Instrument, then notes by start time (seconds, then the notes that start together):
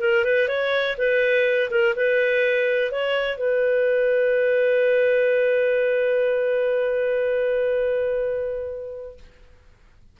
clarinet
0.00 A#4
0.24 B4
0.48 C#5
0.97 B4
1.70 A#4
1.96 B4
2.91 C#5
3.37 B4